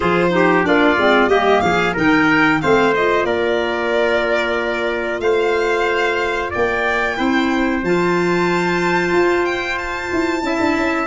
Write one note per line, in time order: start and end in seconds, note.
0.00 0.66 F3
0.00 0.30 F4
0.00 0.30 G#4
0.00 0.65 C5
0.30 0.62 D#4
0.30 0.67 G4
0.62 0.97 A#3
0.62 0.95 D4
0.62 1.29 F4
0.62 1.28 D5
0.97 1.27 G#3
0.97 1.28 C4
1.27 1.59 G3
1.27 1.93 A#3
1.27 1.62 G4
1.27 1.61 D#5
1.61 1.95 F3
1.61 1.93 G#4
1.61 1.93 F5
1.93 2.62 D#3
1.93 2.60 D#4
1.93 2.58 A#4
1.93 2.61 G5
2.61 3.24 A3
2.61 2.93 C4
2.61 3.26 C5
2.61 2.93 F5
2.93 7.17 F4
2.93 3.25 D#5
3.24 5.19 A#3
3.24 5.22 A#4
3.24 5.20 D5
5.20 6.50 A3
5.20 6.50 C5
5.20 6.50 F5
6.50 7.19 A#3
6.50 7.15 D5
6.50 7.84 G5
7.17 7.82 C4
7.17 7.82 E4
7.17 10.43 C5
7.82 9.11 F3
7.82 10.43 F4
7.82 9.45 A5
9.11 10.09 F4
9.45 9.77 G5
9.77 11.06 A5
10.12 10.42 E4
10.42 10.59 C#4
10.42 11.06 E4
10.42 11.06 E5
10.60 10.76 D4
10.76 11.06 C#4